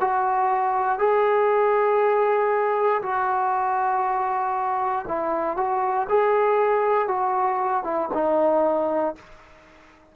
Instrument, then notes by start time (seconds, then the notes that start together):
trombone
0.00 F#4
0.98 G#4
3.02 F#4
5.08 E4
5.56 F#4
6.09 G#4
7.08 F#4
7.84 E4
8.14 D#4